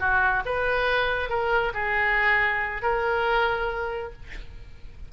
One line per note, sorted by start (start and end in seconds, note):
0.00 0.43 F#4
0.46 1.30 B4
1.30 1.73 A#4
1.74 2.83 G#4
2.83 4.13 A#4